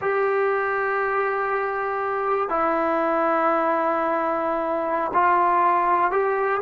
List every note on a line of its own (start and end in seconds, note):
0.01 2.49 G4
2.49 5.11 E4
5.13 6.11 F4
6.11 6.61 G4